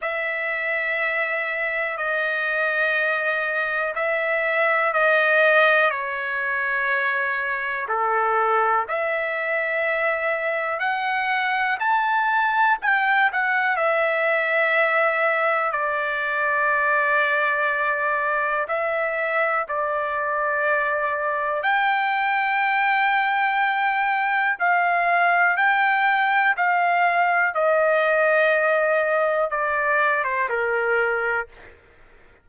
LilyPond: \new Staff \with { instrumentName = "trumpet" } { \time 4/4 \tempo 4 = 61 e''2 dis''2 | e''4 dis''4 cis''2 | a'4 e''2 fis''4 | a''4 g''8 fis''8 e''2 |
d''2. e''4 | d''2 g''2~ | g''4 f''4 g''4 f''4 | dis''2 d''8. c''16 ais'4 | }